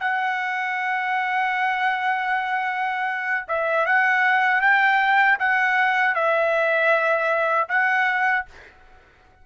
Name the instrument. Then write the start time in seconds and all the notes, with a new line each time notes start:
trumpet
0.00 F#5
3.48 E5
3.86 F#5
4.62 G5
5.40 F#5
6.15 E5
7.69 F#5